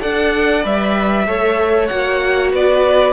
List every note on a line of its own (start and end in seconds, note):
0.00 0.65 D4
0.00 0.62 A4
0.00 1.26 D5
0.00 0.64 F#5
0.63 1.27 G3
0.63 1.25 B4
0.63 1.86 E5
1.27 1.89 A3
1.27 1.89 A4
1.27 2.52 C#5
1.86 2.52 A#3
1.86 3.12 F#4
1.86 2.49 F#5
2.52 3.12 B3
2.52 3.12 B4
2.52 3.12 D5